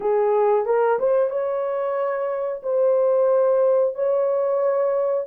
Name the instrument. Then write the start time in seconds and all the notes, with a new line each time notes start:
horn
0.00 G#4
0.65 A#4
0.99 C5
1.30 C#5
2.63 C5
3.94 C#5